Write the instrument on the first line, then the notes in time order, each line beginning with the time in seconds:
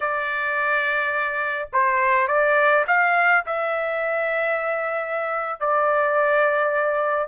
trumpet
0.00 D5
1.72 C5
2.27 D5
2.87 F5
3.45 E5
5.59 D5